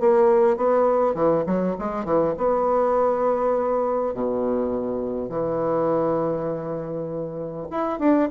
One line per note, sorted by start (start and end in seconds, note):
0.00 0.56 A#3
0.56 1.14 B3
1.14 1.44 E3
1.46 1.76 F#3
1.79 2.05 G#3
2.05 2.34 E3
2.37 4.14 B3
4.14 5.29 B2
5.29 7.67 E3
7.71 7.99 E4
7.99 8.29 D4